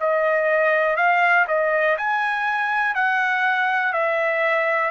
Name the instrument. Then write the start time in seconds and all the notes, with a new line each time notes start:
trumpet
0.00 D#5
0.97 F5
1.48 D#5
1.98 G#5
2.95 F#5
3.93 E5